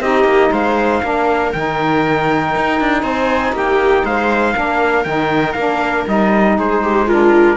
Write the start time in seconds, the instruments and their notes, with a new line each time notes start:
0.00 cello C4, saxophone D#4, viola G4, trumpet D#5
0.24 cello A#3
0.51 cello G#3, viola C5, trumpet F5
1.02 cello A#3, saxophone D4, viola A#4
1.52 cello D#3, saxophone D#4, trumpet G5
2.55 cello D#4
2.80 cello D4
3.02 cello C4, viola C5, trumpet G#5
3.52 cello A#3, viola G4, trumpet G5
4.04 cello G#3, viola C5, trumpet F5
4.53 cello A#3, saxophone D4, viola A#4
5.04 cello D#3, saxophone D#4, trumpet G5
5.52 cello A#3, saxophone D4, trumpet F5
6.07 cello G3, saxophone D#4, trumpet D#5
6.58 cello G#3, viola G#4, trumpet C5
6.83 viola G4
7.07 saxophone D4, viola F4, trumpet A#4